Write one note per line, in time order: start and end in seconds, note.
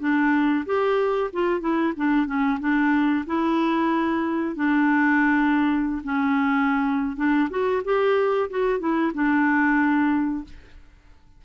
0.00 0.65 D4
0.66 1.31 G4
1.33 1.61 F4
1.61 1.94 E4
1.97 2.27 D4
2.27 2.59 C#4
2.61 3.26 D4
3.27 4.56 E4
4.56 6.03 D4
6.04 7.17 C#4
7.17 7.49 D4
7.50 7.83 F#4
7.85 8.50 G4
8.50 8.80 F#4
8.80 9.12 E4
9.15 10.45 D4